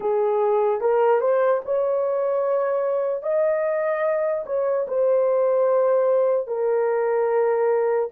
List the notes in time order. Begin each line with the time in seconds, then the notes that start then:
0.00 G#4
0.80 A#4
1.21 C5
1.64 C#5
3.22 D#5
4.46 C#5
4.87 C5
6.46 A#4